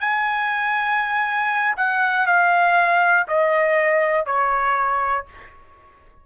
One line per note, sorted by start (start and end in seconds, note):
0.00 1.75 G#5
1.76 2.26 F#5
2.26 3.26 F5
3.28 4.25 D#5
4.25 5.25 C#5